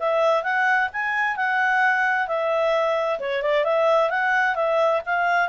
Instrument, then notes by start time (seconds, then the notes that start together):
clarinet
0.00 E5
0.44 F#5
0.93 G#5
1.37 F#5
2.28 E5
3.20 C#5
3.43 D5
3.65 E5
4.10 F#5
4.56 E5
5.06 F5